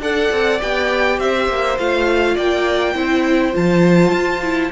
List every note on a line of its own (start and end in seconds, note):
0.00 0.29 D4
0.00 0.59 A4
0.00 1.20 D5
0.00 0.61 F#5
0.31 0.61 C4
0.59 1.19 B3
0.59 1.76 G4
0.59 1.19 G5
1.19 1.48 C4
1.19 2.35 C5
1.19 1.78 E5
1.48 1.78 A#3
1.78 2.37 A3
1.78 2.94 F4
1.78 2.37 F5
2.35 2.95 A#3
2.35 2.94 D5
2.35 3.55 G5
2.94 3.54 C4
2.94 3.52 E4
2.94 4.71 C5
3.52 4.12 F3
3.52 4.40 F4
3.52 4.71 A5
4.12 4.70 F4
4.43 4.71 E4